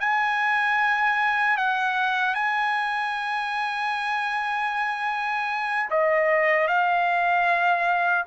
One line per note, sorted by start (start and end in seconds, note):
0.00 1.57 G#5
1.57 2.34 F#5
2.34 5.90 G#5
5.91 6.67 D#5
6.67 8.25 F5